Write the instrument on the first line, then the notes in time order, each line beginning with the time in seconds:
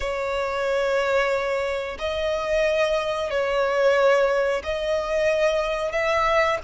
violin
0.00 C#5
1.98 D#5
3.30 C#5
4.63 D#5
5.92 E5